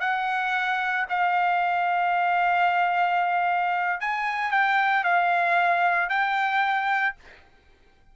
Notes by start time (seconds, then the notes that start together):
0.00 F#5
1.10 F5
4.01 G#5
4.51 G5
5.04 F5
6.09 G5